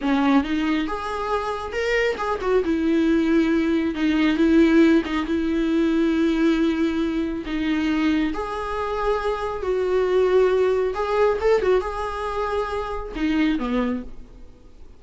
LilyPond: \new Staff \with { instrumentName = "viola" } { \time 4/4 \tempo 4 = 137 cis'4 dis'4 gis'2 | ais'4 gis'8 fis'8 e'2~ | e'4 dis'4 e'4. dis'8 | e'1~ |
e'4 dis'2 gis'4~ | gis'2 fis'2~ | fis'4 gis'4 a'8 fis'8 gis'4~ | gis'2 dis'4 b4 | }